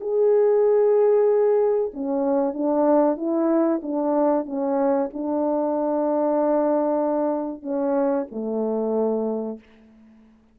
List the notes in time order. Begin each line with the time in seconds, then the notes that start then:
0.00 G#4
1.93 C#4
2.53 D4
3.17 E4
3.82 D4
4.45 C#4
5.13 D4
7.62 C#4
8.31 A3